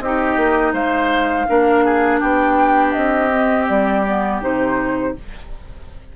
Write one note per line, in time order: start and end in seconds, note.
0.00 0.37 C4
0.00 1.48 D#4
0.00 0.73 G4
0.00 0.73 D#5
0.37 0.73 A#3
0.73 1.46 G#3
0.73 1.47 C5
0.73 2.20 F5
1.48 2.22 A#3
1.48 3.31 D4
1.48 1.85 A#4
1.85 2.20 G#4
2.20 2.96 B3
2.20 5.13 G4
2.20 2.93 G5
2.93 3.69 C4
2.93 3.66 D#5
3.32 4.06 C4
3.68 4.42 G3
3.68 4.41 D5
4.07 4.42 B3
4.42 5.15 C3
4.42 5.15 D#4
4.42 5.16 C5